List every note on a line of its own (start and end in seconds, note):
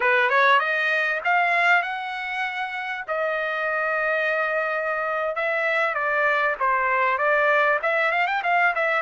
0.00 0.29 B4
0.29 0.59 C#5
0.59 1.20 D#5
1.24 1.82 F5
1.82 3.04 F#5
3.07 5.35 D#5
5.35 5.94 E5
5.94 6.55 D5
6.59 7.17 C5
7.17 7.79 D5
7.82 8.11 E5
8.11 8.27 F5
8.27 8.42 G5
8.43 8.74 F5
8.75 9.01 E5